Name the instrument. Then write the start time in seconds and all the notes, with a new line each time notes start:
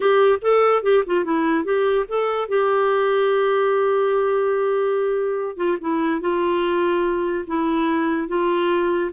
clarinet
0.00 G4
0.41 A4
0.83 G4
1.06 F4
1.24 E4
1.64 G4
2.08 A4
2.48 G4
5.57 F4
5.80 E4
6.20 F4
7.47 E4
8.28 F4